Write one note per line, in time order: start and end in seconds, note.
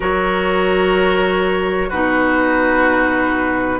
0.00 1.89 F#3
0.00 1.90 F#4
0.00 1.88 A#4
0.00 1.89 C#5
1.88 3.79 B2
1.88 3.79 D#4
1.88 3.79 F#4
1.88 3.79 B4